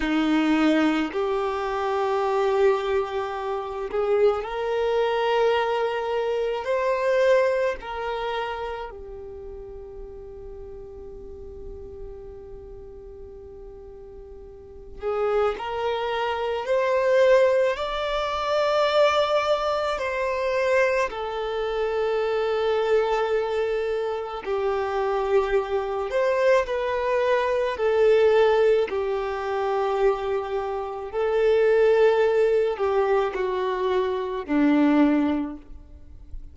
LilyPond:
\new Staff \with { instrumentName = "violin" } { \time 4/4 \tempo 4 = 54 dis'4 g'2~ g'8 gis'8 | ais'2 c''4 ais'4 | g'1~ | g'4. gis'8 ais'4 c''4 |
d''2 c''4 a'4~ | a'2 g'4. c''8 | b'4 a'4 g'2 | a'4. g'8 fis'4 d'4 | }